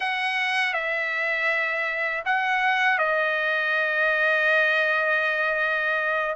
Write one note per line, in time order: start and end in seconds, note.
0.00 0.73 F#5
0.73 2.23 E5
2.25 2.98 F#5
2.98 6.35 D#5